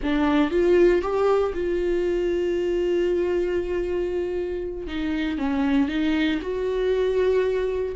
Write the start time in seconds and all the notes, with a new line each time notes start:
0.03 D4
0.50 F4
1.01 G4
1.54 F4
4.87 D#4
5.38 C#4
5.88 D#4
6.41 F#4